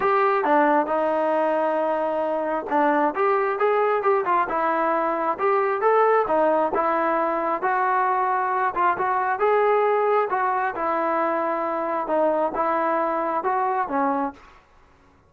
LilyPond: \new Staff \with { instrumentName = "trombone" } { \time 4/4 \tempo 4 = 134 g'4 d'4 dis'2~ | dis'2 d'4 g'4 | gis'4 g'8 f'8 e'2 | g'4 a'4 dis'4 e'4~ |
e'4 fis'2~ fis'8 f'8 | fis'4 gis'2 fis'4 | e'2. dis'4 | e'2 fis'4 cis'4 | }